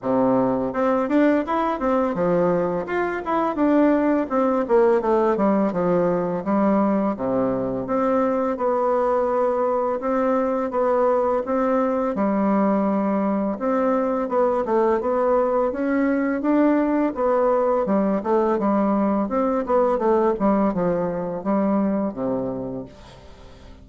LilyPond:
\new Staff \with { instrumentName = "bassoon" } { \time 4/4 \tempo 4 = 84 c4 c'8 d'8 e'8 c'8 f4 | f'8 e'8 d'4 c'8 ais8 a8 g8 | f4 g4 c4 c'4 | b2 c'4 b4 |
c'4 g2 c'4 | b8 a8 b4 cis'4 d'4 | b4 g8 a8 g4 c'8 b8 | a8 g8 f4 g4 c4 | }